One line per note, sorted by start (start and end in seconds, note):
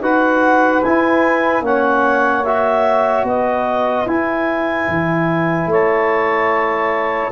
0.00 0.81 D#4
0.00 0.83 F#4
0.00 1.63 B4
0.00 0.82 F#5
0.82 1.60 E4
0.82 1.63 E4
0.82 1.64 G#5
1.60 3.23 A#3
1.60 2.44 C#4
1.60 3.27 C#5
1.60 2.44 F#5
2.44 4.07 F#4
2.44 3.25 E5
3.23 4.04 B3
3.23 5.70 B4
3.23 4.08 D#5
4.06 4.87 E4
4.06 7.31 E4
4.06 5.70 G#5
4.88 5.66 E3
5.66 7.28 A3
5.66 7.32 C#5
5.73 7.32 A5